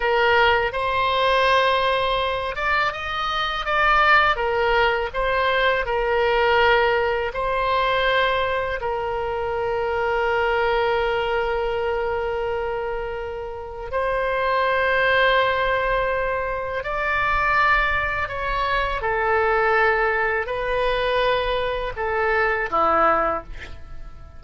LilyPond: \new Staff \with { instrumentName = "oboe" } { \time 4/4 \tempo 4 = 82 ais'4 c''2~ c''8 d''8 | dis''4 d''4 ais'4 c''4 | ais'2 c''2 | ais'1~ |
ais'2. c''4~ | c''2. d''4~ | d''4 cis''4 a'2 | b'2 a'4 e'4 | }